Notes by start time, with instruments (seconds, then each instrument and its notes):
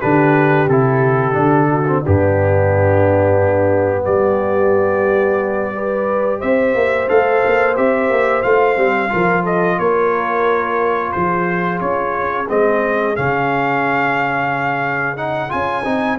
0.00 tuba D3, trombone D4, horn G4, trumpet B4
0.68 tuba C3, trombone E4, trumpet A4
1.32 tuba D3, trombone D4
1.71 horn F#4
1.88 trombone C4
2.00 horn D4
2.06 tuba G2, trombone B3, trumpet G4
4.05 tuba G3, horn G4, trumpet D5
5.74 trombone G4, horn B4
6.39 tuba C4, horn C5, trumpet E5
6.74 tuba A#3
7.08 tuba A3, trombone A4, trumpet F5
7.47 tuba A#3
7.75 tuba C4, trombone G4, trumpet E5
8.10 tuba A#3
8.42 tuba A3, trombone F4, trumpet F5
8.76 tuba G3, trombone C4
9.09 tuba F3, trombone F4, horn A#4
9.43 horn A4, trumpet D#5
9.78 tuba A#3, horn A#4, trumpet C#5
11.12 tuba F3, horn G#4, trumpet C5
11.80 tuba C#4, trumpet C#5
12.48 tuba G#3, trombone C4, trumpet D#5
13.16 tuba C#3, trombone C#4, trumpet F5
15.17 trombone D#4, trumpet F#5
15.49 tuba C#4, trombone F4, trumpet G#5
15.84 tuba C4, trombone D#4